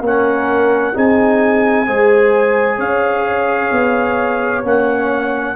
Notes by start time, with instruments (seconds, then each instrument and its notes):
0.00 tuba A#3, trombone C#4, horn A#4, trumpet F#5
0.93 tuba C4, trombone D#4, horn G#4, trumpet G#5
1.86 tuba G#3, trombone G#4, horn C5
2.77 tuba C#4, horn C#5, trumpet F5
3.71 tuba B3
4.63 tuba A#3, trombone C#4, trumpet F#5